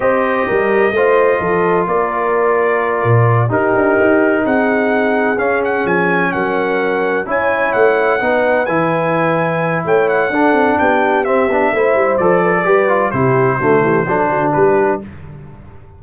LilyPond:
<<
  \new Staff \with { instrumentName = "trumpet" } { \time 4/4 \tempo 4 = 128 dis''1 | d''2.~ d''8 ais'8~ | ais'4. fis''2 f''8 | fis''8 gis''4 fis''2 gis''8~ |
gis''8 fis''2 gis''4.~ | gis''4 g''8 fis''4. g''4 | e''2 d''2 | c''2. b'4 | }
  \new Staff \with { instrumentName = "horn" } { \time 4/4 c''4 ais'4 c''4 a'4 | ais'2.~ ais'8 g'8~ | g'4. gis'2~ gis'8~ | gis'4. ais'2 cis''8~ |
cis''4. b'2~ b'8~ | b'4 cis''4 a'4 g'4~ | g'4 c''4. b'16 a'16 b'4 | g'4 fis'8 g'8 a'8 fis'8 g'4 | }
  \new Staff \with { instrumentName = "trombone" } { \time 4/4 g'2 f'2~ | f'2.~ f'8 dis'8~ | dis'2.~ dis'8 cis'8~ | cis'2.~ cis'8 e'8~ |
e'4. dis'4 e'4.~ | e'2 d'2 | c'8 d'8 e'4 a'4 g'8 f'8 | e'4 a4 d'2 | }
  \new Staff \with { instrumentName = "tuba" } { \time 4/4 c'4 g4 a4 f4 | ais2~ ais8 ais,4 dis'8 | d'8 dis'4 c'2 cis'8~ | cis'8 f4 fis2 cis'8~ |
cis'8 a4 b4 e4.~ | e4 a4 d'8 c'8 b4 | c'8 b8 a8 g8 f4 g4 | c4 d8 e8 fis8 d8 g4 | }
>>